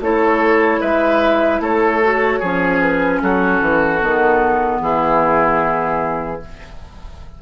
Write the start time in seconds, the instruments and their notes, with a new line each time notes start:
0.00 bassoon A3, clarinet E4, oboe A4, flute C#5
0.81 bassoon G#3, oboe B4, flute E5
1.60 bassoon A3, oboe A4, flute C#5
2.02 clarinet F#4
2.39 bassoon F3, clarinet C#4, oboe G#4
2.80 flute B4
3.22 bassoon F#3, oboe F#4, flute A4
3.61 bassoon E3
4.00 bassoon D#3, clarinet B3
4.81 bassoon E3, oboe E4, flute G#4